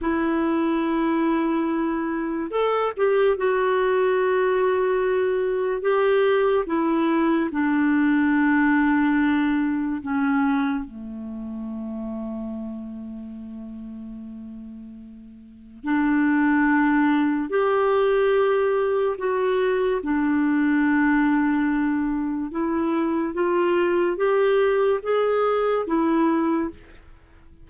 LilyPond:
\new Staff \with { instrumentName = "clarinet" } { \time 4/4 \tempo 4 = 72 e'2. a'8 g'8 | fis'2. g'4 | e'4 d'2. | cis'4 a2.~ |
a2. d'4~ | d'4 g'2 fis'4 | d'2. e'4 | f'4 g'4 gis'4 e'4 | }